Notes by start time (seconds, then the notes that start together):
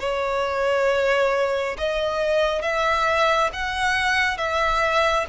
0.00 C#5
1.78 D#5
2.62 E5
3.53 F#5
4.38 E5